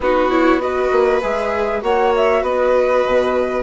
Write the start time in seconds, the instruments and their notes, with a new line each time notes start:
0.00 bassoon B3, viola D#4, violin F#4, flute B4
0.30 viola E4, flute C#5
0.60 viola F#4, violin B4, flute D#5
0.91 bassoon A#3
1.21 bassoon G#3, viola G#4, flute E5
1.81 bassoon A#3, viola F#4, violin C#5, flute F#5
2.16 flute E5
2.42 bassoon B3, violin B4, flute D#5
3.06 bassoon B2